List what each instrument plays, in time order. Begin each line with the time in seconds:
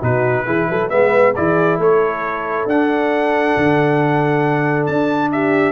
0.00 tuba B2, trombone D#4, horn F#4, trumpet B4
0.45 tuba E3, trombone E4, horn G#4
0.69 tuba F#3, horn A4
0.89 tuba G#3, trombone B3, horn B4, trumpet E5
1.35 tuba E3, trombone E4, horn G#4, trumpet D5
1.78 tuba A3, horn A4, trumpet C#5
2.65 tuba D4, trombone D4, trumpet F#5
3.56 tuba D3
4.86 tuba D4, trumpet A5
5.31 horn G4, trumpet E5